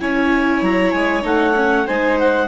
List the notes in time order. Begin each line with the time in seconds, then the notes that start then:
0.00 C#4 E4 C#5 G#5
0.62 F#3 A#5
0.91 G#3 G#5
1.23 A3 D#4 F#5
1.56 C#4
1.87 G#3 D#4 C5 G#5
2.19 F#5